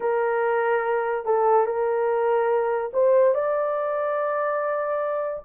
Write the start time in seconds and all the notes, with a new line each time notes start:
0.00 A#4
1.25 A4
1.66 A#4
2.93 C5
3.34 D5